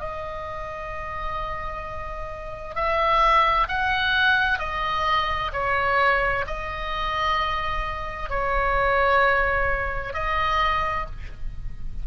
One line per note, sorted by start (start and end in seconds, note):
0.00 2.76 D#5
2.76 3.68 E5
3.68 4.59 F#5
4.59 5.51 D#5
5.53 6.45 C#5
6.47 8.30 D#5
8.30 10.14 C#5
10.14 11.06 D#5